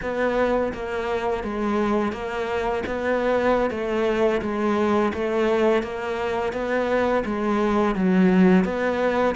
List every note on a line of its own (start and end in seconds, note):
0.02 0.72 B3
0.73 1.43 A#3
1.43 2.12 G#3
2.12 2.83 A#3
2.86 3.70 B3
3.70 4.41 A3
4.41 5.12 G#3
5.13 5.82 A3
5.82 6.53 A#3
6.53 7.23 B3
7.25 7.95 G#3
7.95 8.64 F#3
8.64 9.35 B3